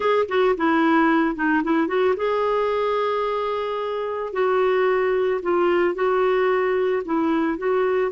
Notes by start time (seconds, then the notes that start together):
0.00 G#4
0.28 F#4
0.57 E4
1.35 D#4
1.63 E4
1.87 F#4
2.16 G#4
4.32 F#4
5.42 F4
5.94 F#4
7.05 E4
7.57 F#4